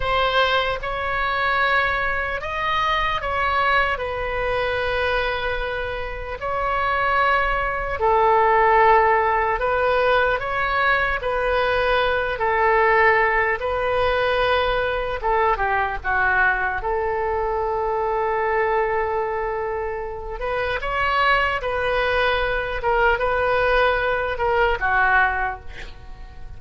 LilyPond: \new Staff \with { instrumentName = "oboe" } { \time 4/4 \tempo 4 = 75 c''4 cis''2 dis''4 | cis''4 b'2. | cis''2 a'2 | b'4 cis''4 b'4. a'8~ |
a'4 b'2 a'8 g'8 | fis'4 a'2.~ | a'4. b'8 cis''4 b'4~ | b'8 ais'8 b'4. ais'8 fis'4 | }